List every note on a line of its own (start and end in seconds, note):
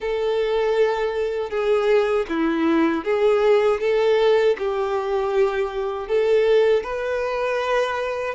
0.00 1.50 A4
1.50 2.26 G#4
2.29 3.04 E4
3.04 3.80 G#4
3.80 4.56 A4
4.58 6.08 G4
6.08 6.83 A4
6.83 8.34 B4